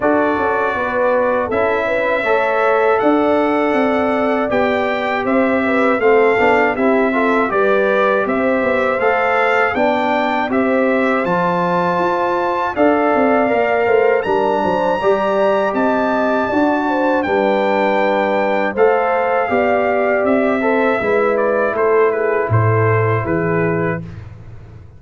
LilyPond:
<<
  \new Staff \with { instrumentName = "trumpet" } { \time 4/4 \tempo 4 = 80 d''2 e''2 | fis''2 g''4 e''4 | f''4 e''4 d''4 e''4 | f''4 g''4 e''4 a''4~ |
a''4 f''2 ais''4~ | ais''4 a''2 g''4~ | g''4 f''2 e''4~ | e''8 d''8 c''8 b'8 c''4 b'4 | }
  \new Staff \with { instrumentName = "horn" } { \time 4/4 a'4 b'4 a'8 b'8 cis''4 | d''2. c''8 b'8 | a'4 g'8 a'8 b'4 c''4~ | c''4 d''4 c''2~ |
c''4 d''4. c''8 ais'8 c''8 | d''4 dis''4 d''8 c''8 b'4~ | b'4 c''4 d''4. c''8 | b'4 a'8 gis'8 a'4 gis'4 | }
  \new Staff \with { instrumentName = "trombone" } { \time 4/4 fis'2 e'4 a'4~ | a'2 g'2 | c'8 d'8 e'8 f'8 g'2 | a'4 d'4 g'4 f'4~ |
f'4 a'4 ais'4 d'4 | g'2 fis'4 d'4~ | d'4 a'4 g'4. a'8 | e'1 | }
  \new Staff \with { instrumentName = "tuba" } { \time 4/4 d'8 cis'8 b4 cis'4 a4 | d'4 c'4 b4 c'4 | a8 b8 c'4 g4 c'8 b8 | a4 b4 c'4 f4 |
f'4 d'8 c'8 ais8 a8 g8 fis8 | g4 c'4 d'4 g4~ | g4 a4 b4 c'4 | gis4 a4 a,4 e4 | }
>>